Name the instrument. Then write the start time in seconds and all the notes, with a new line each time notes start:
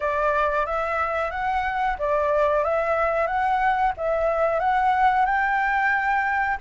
flute
0.00 D5
0.66 E5
1.30 F#5
1.98 D5
2.64 E5
3.26 F#5
3.97 E5
4.59 F#5
5.25 G5